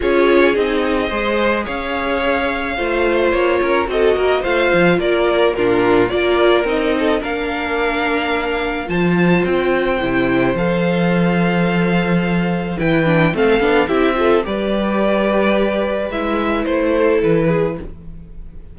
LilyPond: <<
  \new Staff \with { instrumentName = "violin" } { \time 4/4 \tempo 4 = 108 cis''4 dis''2 f''4~ | f''2 cis''4 dis''4 | f''4 d''4 ais'4 d''4 | dis''4 f''2. |
a''4 g''2 f''4~ | f''2. g''4 | f''4 e''4 d''2~ | d''4 e''4 c''4 b'4 | }
  \new Staff \with { instrumentName = "violin" } { \time 4/4 gis'2 c''4 cis''4~ | cis''4 c''4. ais'8 a'8 ais'8 | c''4 ais'4 f'4 ais'4~ | ais'8 a'8 ais'2. |
c''1~ | c''2. b'4 | a'4 g'8 a'8 b'2~ | b'2~ b'8 a'4 gis'8 | }
  \new Staff \with { instrumentName = "viola" } { \time 4/4 f'4 dis'4 gis'2~ | gis'4 f'2 fis'4 | f'2 d'4 f'4 | dis'4 d'2. |
f'2 e'4 a'4~ | a'2. e'8 d'8 | c'8 d'8 e'8 f'8 g'2~ | g'4 e'2. | }
  \new Staff \with { instrumentName = "cello" } { \time 4/4 cis'4 c'4 gis4 cis'4~ | cis'4 a4 ais8 cis'8 c'8 ais8 | a8 f8 ais4 ais,4 ais4 | c'4 ais2. |
f4 c'4 c4 f4~ | f2. e4 | a8 b8 c'4 g2~ | g4 gis4 a4 e4 | }
>>